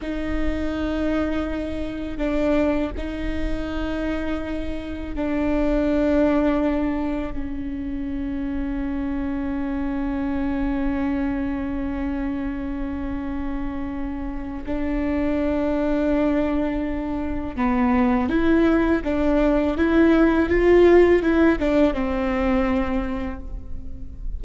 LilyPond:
\new Staff \with { instrumentName = "viola" } { \time 4/4 \tempo 4 = 82 dis'2. d'4 | dis'2. d'4~ | d'2 cis'2~ | cis'1~ |
cis'1 | d'1 | b4 e'4 d'4 e'4 | f'4 e'8 d'8 c'2 | }